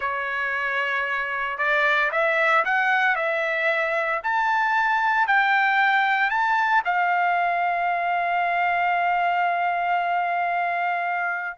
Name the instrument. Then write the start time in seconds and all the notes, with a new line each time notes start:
trumpet
0.00 C#5
1.58 D5
2.11 E5
2.64 F#5
3.15 E5
4.23 A5
5.27 G5
6.29 A5
6.84 F5